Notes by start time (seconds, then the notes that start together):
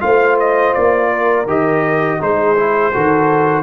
0.00 A3 F4 C5 F5
0.39 D#5
0.73 A#3 D5
1.10 A#4
1.46 D#3 G4 D#5
2.20 G#3 D#4 G#4 C5
2.56 E4
2.92 D#3 F#4 A4